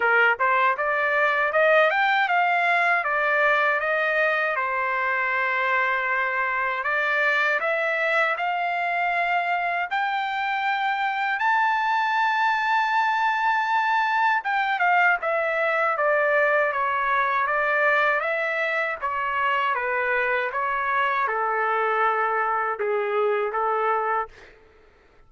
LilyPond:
\new Staff \with { instrumentName = "trumpet" } { \time 4/4 \tempo 4 = 79 ais'8 c''8 d''4 dis''8 g''8 f''4 | d''4 dis''4 c''2~ | c''4 d''4 e''4 f''4~ | f''4 g''2 a''4~ |
a''2. g''8 f''8 | e''4 d''4 cis''4 d''4 | e''4 cis''4 b'4 cis''4 | a'2 gis'4 a'4 | }